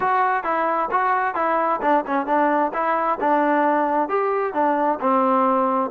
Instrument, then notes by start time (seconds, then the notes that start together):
trombone
0.00 F#4
0.43 E4
0.91 F#4
1.35 E4
1.81 D4
2.06 C#4
2.26 D4
2.73 E4
3.20 D4
4.08 G4
4.53 D4
5.00 C4